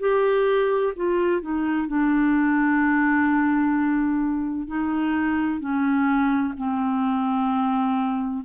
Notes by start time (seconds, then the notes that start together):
0.00 G4
0.96 F4
1.41 D#4
1.87 D4
4.68 D#4
5.60 C#4
6.58 C4